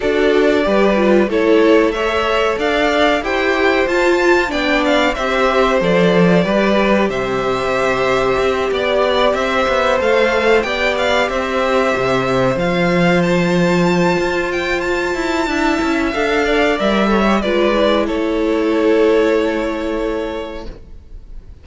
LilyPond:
<<
  \new Staff \with { instrumentName = "violin" } { \time 4/4 \tempo 4 = 93 d''2 cis''4 e''4 | f''4 g''4 a''4 g''8 f''8 | e''4 d''2 e''4~ | e''4. d''4 e''4 f''8~ |
f''8 g''8 f''8 e''2 f''8~ | f''8 a''2 g''8 a''4~ | a''4 f''4 e''4 d''4 | cis''1 | }
  \new Staff \with { instrumentName = "violin" } { \time 4/4 a'4 b'4 a'4 cis''4 | d''4 c''2 d''4 | c''2 b'4 c''4~ | c''4. d''4 c''4.~ |
c''8 d''4 c''2~ c''8~ | c''1 | e''4. d''4 cis''8 b'4 | a'1 | }
  \new Staff \with { instrumentName = "viola" } { \time 4/4 fis'4 g'8 f'8 e'4 a'4~ | a'4 g'4 f'4 d'4 | g'4 a'4 g'2~ | g'2.~ g'8 a'8~ |
a'8 g'2. f'8~ | f'1 | e'4 a'4 ais'8 a'16 g'16 f'8 e'8~ | e'1 | }
  \new Staff \with { instrumentName = "cello" } { \time 4/4 d'4 g4 a2 | d'4 e'4 f'4 b4 | c'4 f4 g4 c4~ | c4 c'8 b4 c'8 b8 a8~ |
a8 b4 c'4 c4 f8~ | f2 f'4. e'8 | d'8 cis'8 d'4 g4 gis4 | a1 | }
>>